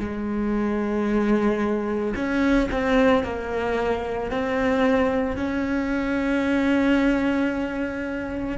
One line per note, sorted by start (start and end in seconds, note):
0.00 2.14 G#3
2.16 2.70 C#4
2.72 3.24 C4
3.24 4.31 A#3
4.31 5.37 C4
5.37 8.58 C#4